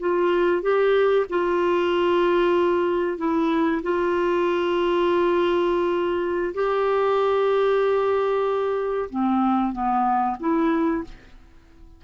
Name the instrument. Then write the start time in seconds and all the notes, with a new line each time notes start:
clarinet
0.00 F4
0.62 G4
1.30 F4
3.18 E4
3.83 F4
6.55 G4
9.10 C4
9.73 B3
10.40 E4